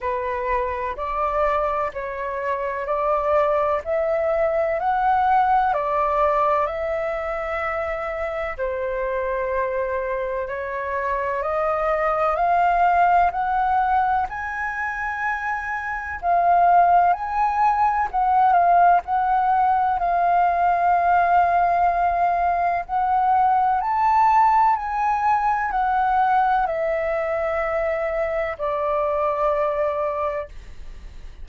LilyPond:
\new Staff \with { instrumentName = "flute" } { \time 4/4 \tempo 4 = 63 b'4 d''4 cis''4 d''4 | e''4 fis''4 d''4 e''4~ | e''4 c''2 cis''4 | dis''4 f''4 fis''4 gis''4~ |
gis''4 f''4 gis''4 fis''8 f''8 | fis''4 f''2. | fis''4 a''4 gis''4 fis''4 | e''2 d''2 | }